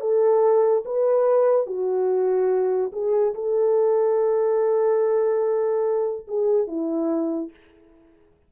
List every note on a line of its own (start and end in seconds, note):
0.00 0.83 A4
0.85 1.66 B4
1.66 2.91 F#4
2.92 3.34 G#4
3.34 6.26 A4
6.27 6.67 G#4
6.67 7.50 E4